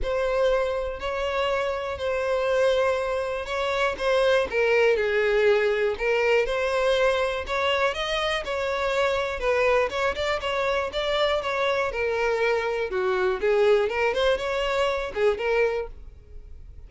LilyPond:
\new Staff \with { instrumentName = "violin" } { \time 4/4 \tempo 4 = 121 c''2 cis''2 | c''2. cis''4 | c''4 ais'4 gis'2 | ais'4 c''2 cis''4 |
dis''4 cis''2 b'4 | cis''8 d''8 cis''4 d''4 cis''4 | ais'2 fis'4 gis'4 | ais'8 c''8 cis''4. gis'8 ais'4 | }